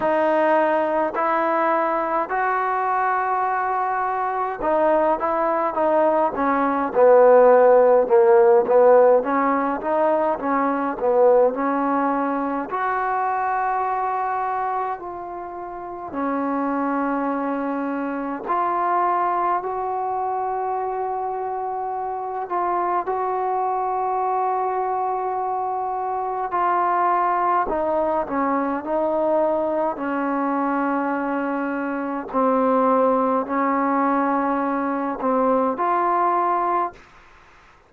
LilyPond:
\new Staff \with { instrumentName = "trombone" } { \time 4/4 \tempo 4 = 52 dis'4 e'4 fis'2 | dis'8 e'8 dis'8 cis'8 b4 ais8 b8 | cis'8 dis'8 cis'8 b8 cis'4 fis'4~ | fis'4 f'4 cis'2 |
f'4 fis'2~ fis'8 f'8 | fis'2. f'4 | dis'8 cis'8 dis'4 cis'2 | c'4 cis'4. c'8 f'4 | }